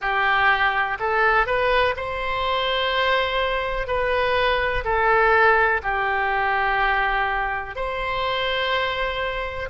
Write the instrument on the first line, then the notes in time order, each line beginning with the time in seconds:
oboe
0.01 G4
0.99 A4
1.46 B4
1.96 C5
3.87 B4
4.84 A4
5.82 G4
7.75 C5